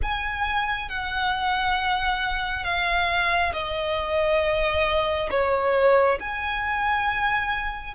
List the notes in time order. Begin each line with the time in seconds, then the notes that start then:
0.02 G#5
0.89 F#5
2.64 F5
3.53 D#5
5.30 C#5
6.20 G#5